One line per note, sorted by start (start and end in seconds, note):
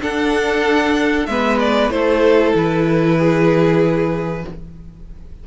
0.00 1.26 D4
0.00 1.27 D4
0.00 1.28 A4
0.00 1.26 F#5
1.26 1.90 G#3
1.26 1.90 B3
1.26 1.93 B4
1.26 1.57 E5
1.59 1.90 D5
1.90 2.53 A3
1.90 4.42 E4
1.90 3.17 A4
1.90 2.53 C5
2.54 4.44 E3
2.54 4.46 B4
3.17 4.43 G#4